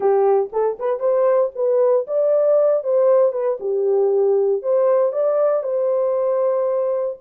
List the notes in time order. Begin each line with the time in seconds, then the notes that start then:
0.00 G4
0.52 A4
0.79 B4
0.99 C5
1.55 B4
2.07 D5
2.83 C5
3.32 B4
3.60 G4
4.62 C5
5.12 D5
5.63 C5